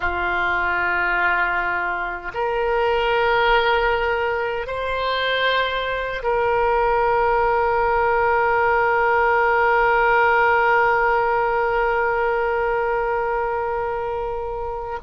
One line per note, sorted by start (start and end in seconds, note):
0.00 2.32 F4
2.33 4.66 A#4
4.66 6.22 C5
6.22 14.99 A#4